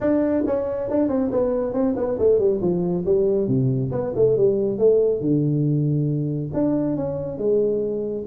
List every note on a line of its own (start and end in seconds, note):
0.00 0.44 D4
0.46 0.89 C#4
0.90 1.08 D4
1.08 1.30 C4
1.31 1.73 B3
1.73 1.94 C4
1.96 2.18 B3
2.18 2.38 A3
2.38 2.60 G3
2.61 3.05 F3
3.05 3.47 G3
3.47 3.91 C3
3.91 4.13 B3
4.15 4.36 A3
4.36 4.78 G3
4.78 5.20 A3
5.20 6.51 D3
6.53 6.96 D4
6.96 7.38 C#4
7.38 8.25 G#3